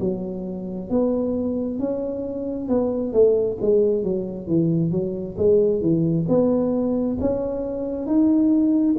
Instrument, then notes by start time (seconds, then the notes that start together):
tuba
0.00 F#3
0.90 B3
1.80 C#4
2.69 B3
3.13 A3
3.61 G#3
4.04 F#3
4.47 E3
4.91 F#3
5.38 G#3
5.81 E3
6.28 B3
7.21 C#4
8.06 D#4